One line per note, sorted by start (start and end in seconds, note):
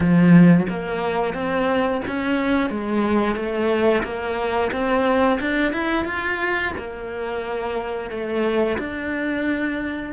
0.00 0.66 F3
0.69 1.34 A#3
1.34 2.01 C4
2.07 2.70 C#4
2.70 3.35 G#3
3.35 4.03 A3
4.03 4.71 A#3
4.72 5.39 C4
5.40 5.72 D4
5.72 6.05 E4
6.05 6.72 F4
6.77 8.10 A#3
8.10 8.78 A3
8.78 10.12 D4